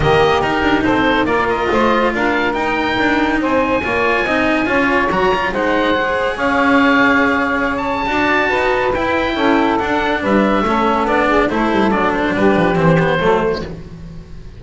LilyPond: <<
  \new Staff \with { instrumentName = "oboe" } { \time 4/4 \tempo 4 = 141 dis''4 ais'4 c''4 d''8 dis''8~ | dis''4 f''4 g''2 | gis''1 | ais''4 fis''2 f''4~ |
f''2~ f''16 a''4.~ a''16~ | a''4 g''2 fis''4 | e''2 d''4 c''4 | d''8 c''8 b'4 c''2 | }
  \new Staff \with { instrumentName = "saxophone" } { \time 4/4 g'2 a'4 ais'4 | c''4 ais'2. | c''4 cis''4 dis''4 cis''4~ | cis''4 c''2 cis''4~ |
cis''2. d''4 | b'2 a'2 | b'4 a'4. gis'8 a'4~ | a'4 g'2 a'4 | }
  \new Staff \with { instrumentName = "cello" } { \time 4/4 ais4 dis'2 f'4~ | f'2 dis'2~ | dis'4 f'4 dis'4 f'4 | fis'8 f'8 dis'4 gis'2~ |
gis'2. fis'4~ | fis'4 e'2 d'4~ | d'4 cis'4 d'4 e'4 | d'2 c'8 b8 a4 | }
  \new Staff \with { instrumentName = "double bass" } { \time 4/4 dis4 dis'8 d'8 c'4 ais4 | a4 d'4 dis'4 d'4 | c'4 ais4 c'4 cis'4 | fis4 gis2 cis'4~ |
cis'2. d'4 | dis'4 e'4 cis'4 d'4 | g4 a4 b4 a8 g8 | fis4 g8 f8 e4 fis4 | }
>>